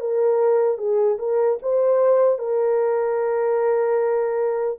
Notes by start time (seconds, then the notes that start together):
0.00 A#4
0.78 G#4
1.19 A#4
1.62 C5
2.38 A#4